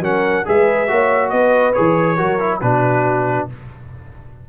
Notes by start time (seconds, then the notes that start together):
0.00 F#3 C#4 A#4 F#5
0.45 G#3 G#4 B4 E5
0.88 A#3 F#4 C#5
1.29 B3 B4 D#5
1.73 E3 G#4 C#5
2.17 F#3 F#4 A#4
2.39 E4
2.61 B2 D4 F#4 B4